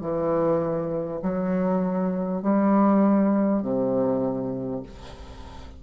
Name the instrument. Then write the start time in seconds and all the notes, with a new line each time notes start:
bassoon
0.00 E3
1.22 F#3
2.42 G3
3.62 C3